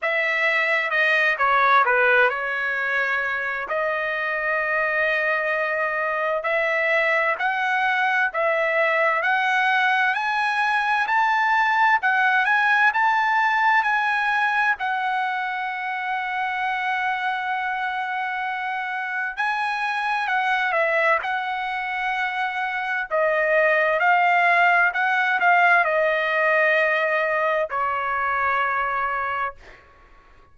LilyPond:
\new Staff \with { instrumentName = "trumpet" } { \time 4/4 \tempo 4 = 65 e''4 dis''8 cis''8 b'8 cis''4. | dis''2. e''4 | fis''4 e''4 fis''4 gis''4 | a''4 fis''8 gis''8 a''4 gis''4 |
fis''1~ | fis''4 gis''4 fis''8 e''8 fis''4~ | fis''4 dis''4 f''4 fis''8 f''8 | dis''2 cis''2 | }